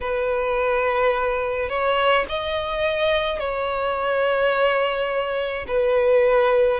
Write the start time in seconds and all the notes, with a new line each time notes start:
0.00 B4
1.69 C#5
2.28 D#5
3.39 C#5
5.67 B4